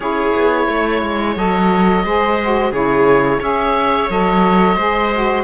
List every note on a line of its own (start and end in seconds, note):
0.00 0.32 C#4
0.00 1.36 E4
0.00 0.68 G#4
0.00 1.35 C#5
0.35 0.68 B3
0.68 1.01 A3
0.68 2.04 C#5
1.01 1.36 G#3
1.36 2.03 F#3
1.36 2.04 A4
1.36 2.73 D#5
2.03 2.71 G#3
2.03 2.39 G#4
2.03 2.71 C5
2.42 2.73 F#4
2.71 3.39 C#3
2.71 3.40 E4
2.71 3.39 G#4
2.71 3.41 C#5
3.39 4.09 C#4
3.39 4.09 G#4
3.39 4.75 C#5
3.39 4.10 E5
4.09 4.76 F#3
4.09 4.77 A4
4.09 5.43 D#5
4.75 5.43 G#3
4.75 5.11 G#4
4.75 5.43 C5
5.13 5.43 F#4